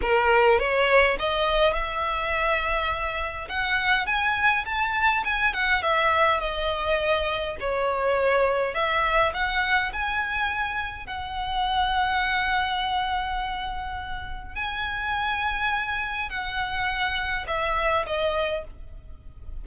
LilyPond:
\new Staff \with { instrumentName = "violin" } { \time 4/4 \tempo 4 = 103 ais'4 cis''4 dis''4 e''4~ | e''2 fis''4 gis''4 | a''4 gis''8 fis''8 e''4 dis''4~ | dis''4 cis''2 e''4 |
fis''4 gis''2 fis''4~ | fis''1~ | fis''4 gis''2. | fis''2 e''4 dis''4 | }